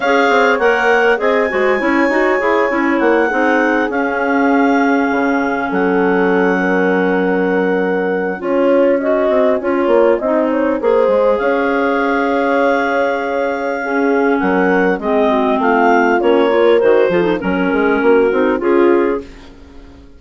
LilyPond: <<
  \new Staff \with { instrumentName = "clarinet" } { \time 4/4 \tempo 4 = 100 f''4 fis''4 gis''2~ | gis''4 fis''4. f''4.~ | f''4. fis''2~ fis''8~ | fis''2 gis''2~ |
gis''2. f''4~ | f''1 | fis''4 dis''4 f''4 cis''4 | c''4 ais'2 gis'4 | }
  \new Staff \with { instrumentName = "horn" } { \time 4/4 cis''2 dis''8 c''8 cis''4~ | cis''4. gis'2~ gis'8~ | gis'4. a'4. ais'4~ | ais'2 cis''4 dis''4 |
cis''4 dis''8 cis''8 c''4 cis''4~ | cis''2. gis'4 | ais'4 gis'8 fis'8 f'4. ais'8~ | ais'8 a'8 ais'8 gis'8 fis'4 f'4 | }
  \new Staff \with { instrumentName = "clarinet" } { \time 4/4 gis'4 ais'4 gis'8 fis'8 e'8 fis'8 | gis'8 e'4 dis'4 cis'4.~ | cis'1~ | cis'2 f'4 fis'4 |
f'4 dis'4 gis'2~ | gis'2. cis'4~ | cis'4 c'2 cis'8 f'8 | fis'8 f'16 dis'16 cis'4. dis'8 f'4 | }
  \new Staff \with { instrumentName = "bassoon" } { \time 4/4 cis'8 c'8 ais4 c'8 gis8 cis'8 dis'8 | e'8 cis'8 ais8 c'4 cis'4.~ | cis'8 cis4 fis2~ fis8~ | fis2 cis'4. c'8 |
cis'8 ais8 c'4 ais8 gis8 cis'4~ | cis'1 | fis4 gis4 a4 ais4 | dis8 f8 fis8 gis8 ais8 c'8 cis'4 | }
>>